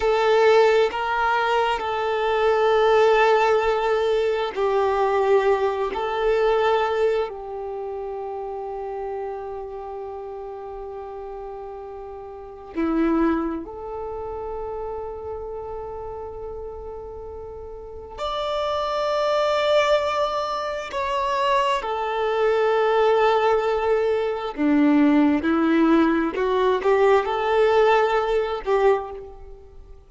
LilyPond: \new Staff \with { instrumentName = "violin" } { \time 4/4 \tempo 4 = 66 a'4 ais'4 a'2~ | a'4 g'4. a'4. | g'1~ | g'2 e'4 a'4~ |
a'1 | d''2. cis''4 | a'2. d'4 | e'4 fis'8 g'8 a'4. g'8 | }